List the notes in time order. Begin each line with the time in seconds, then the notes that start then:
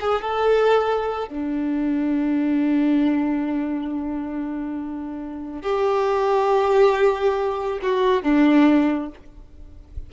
0.00 G#4
0.21 A4
1.28 D4
5.62 G4
7.82 F#4
8.22 D4